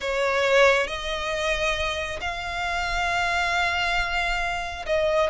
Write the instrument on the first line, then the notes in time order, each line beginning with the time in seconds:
violin
0.00 C#5
0.87 D#5
2.21 F5
4.86 D#5